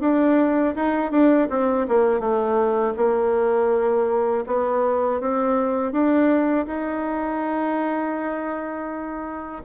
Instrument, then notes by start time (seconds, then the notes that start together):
bassoon
0.00 D4
0.75 D#4
1.11 D4
1.49 C4
1.88 A#3
2.20 A3
2.96 A#3
4.46 B3
5.21 C4
5.92 D4
6.66 D#4